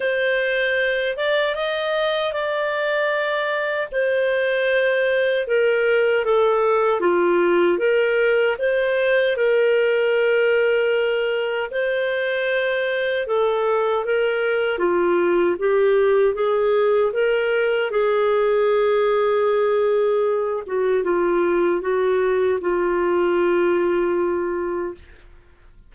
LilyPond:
\new Staff \with { instrumentName = "clarinet" } { \time 4/4 \tempo 4 = 77 c''4. d''8 dis''4 d''4~ | d''4 c''2 ais'4 | a'4 f'4 ais'4 c''4 | ais'2. c''4~ |
c''4 a'4 ais'4 f'4 | g'4 gis'4 ais'4 gis'4~ | gis'2~ gis'8 fis'8 f'4 | fis'4 f'2. | }